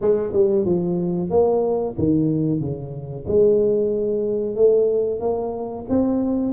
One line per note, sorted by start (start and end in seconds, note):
0.01 0.32 G#3
0.32 0.65 G3
0.65 1.30 F3
1.30 1.95 A#3
1.98 2.60 D#3
2.60 3.25 C#3
3.27 4.55 G#3
4.55 5.20 A3
5.20 5.85 A#3
5.89 6.52 C4